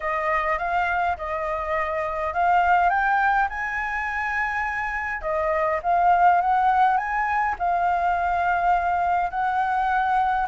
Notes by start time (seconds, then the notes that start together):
0.00 D#5
0.58 F5
1.17 D#5
2.33 F5
2.89 G5
3.49 G#5
5.21 D#5
5.83 F5
6.41 F#5
6.97 G#5
7.58 F5
9.30 F#5